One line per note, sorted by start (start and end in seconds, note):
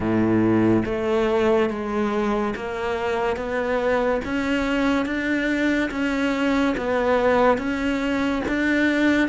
0.00 0.83 A2
0.85 1.69 A3
1.69 2.54 G#3
2.55 3.36 A#3
3.36 4.21 B3
4.24 5.05 C#4
5.05 5.90 D4
5.90 6.75 C#4
6.77 7.57 B3
7.57 8.42 C#4
8.47 9.28 D4